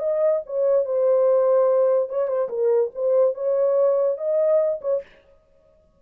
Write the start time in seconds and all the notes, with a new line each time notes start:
0.00 D#5
0.46 C#5
0.86 C5
2.10 C#5
2.28 C5
2.49 A#4
2.95 C5
3.35 C#5
4.18 D#5
4.82 C#5